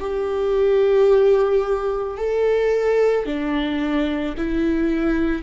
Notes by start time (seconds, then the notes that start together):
0.00 G4
2.18 A4
3.25 D4
4.37 E4